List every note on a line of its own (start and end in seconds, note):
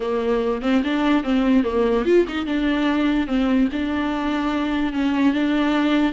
0.00 0.61 A#3
0.62 0.82 C4
0.84 1.23 D4
1.23 1.64 C4
1.64 2.05 A#3
2.05 2.25 F4
2.28 2.46 D#4
2.46 3.27 D4
3.27 3.68 C4
3.72 4.92 D4
4.92 5.33 C#4
5.33 6.12 D4